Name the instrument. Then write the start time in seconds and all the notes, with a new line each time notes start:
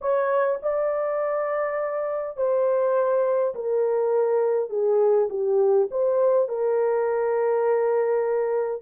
horn
0.01 C#5
0.62 D5
2.36 C5
3.54 A#4
4.69 G#4
5.29 G4
5.90 C5
6.48 A#4